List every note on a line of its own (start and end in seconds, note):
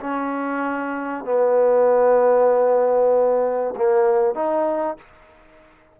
0.00 1.24 C#4
1.24 3.74 B3
3.76 4.34 A#3
4.34 4.97 D#4